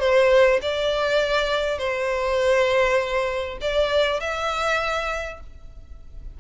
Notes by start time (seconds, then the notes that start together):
0.00 C5
0.62 D5
1.79 C5
3.61 D5
4.21 E5